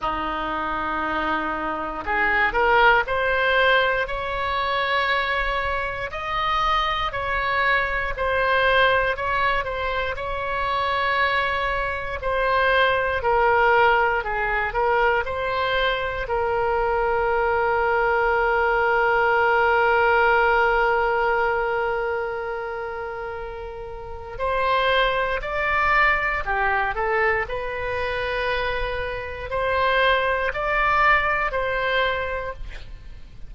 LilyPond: \new Staff \with { instrumentName = "oboe" } { \time 4/4 \tempo 4 = 59 dis'2 gis'8 ais'8 c''4 | cis''2 dis''4 cis''4 | c''4 cis''8 c''8 cis''2 | c''4 ais'4 gis'8 ais'8 c''4 |
ais'1~ | ais'1 | c''4 d''4 g'8 a'8 b'4~ | b'4 c''4 d''4 c''4 | }